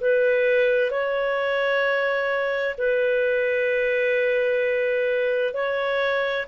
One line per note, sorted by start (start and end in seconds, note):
0.00 0.91 B4
0.91 2.75 C#5
2.77 5.53 B4
5.53 6.46 C#5